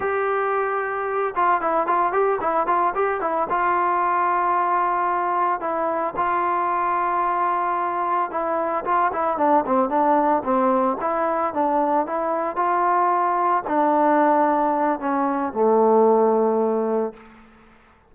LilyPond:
\new Staff \with { instrumentName = "trombone" } { \time 4/4 \tempo 4 = 112 g'2~ g'8 f'8 e'8 f'8 | g'8 e'8 f'8 g'8 e'8 f'4.~ | f'2~ f'8 e'4 f'8~ | f'2.~ f'8 e'8~ |
e'8 f'8 e'8 d'8 c'8 d'4 c'8~ | c'8 e'4 d'4 e'4 f'8~ | f'4. d'2~ d'8 | cis'4 a2. | }